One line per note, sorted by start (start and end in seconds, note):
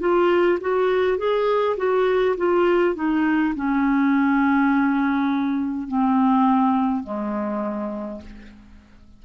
0.00 0.59 F4
0.60 1.18 F#4
1.18 1.76 G#4
1.77 2.36 F#4
2.37 2.95 F4
2.95 3.54 D#4
3.55 5.88 C#4
5.88 7.03 C4
7.03 8.21 G#3